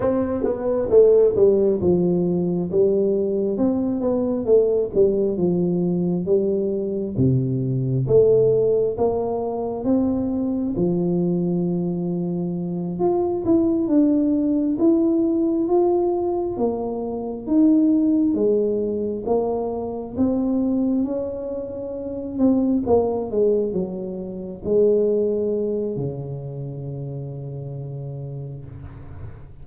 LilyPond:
\new Staff \with { instrumentName = "tuba" } { \time 4/4 \tempo 4 = 67 c'8 b8 a8 g8 f4 g4 | c'8 b8 a8 g8 f4 g4 | c4 a4 ais4 c'4 | f2~ f8 f'8 e'8 d'8~ |
d'8 e'4 f'4 ais4 dis'8~ | dis'8 gis4 ais4 c'4 cis'8~ | cis'4 c'8 ais8 gis8 fis4 gis8~ | gis4 cis2. | }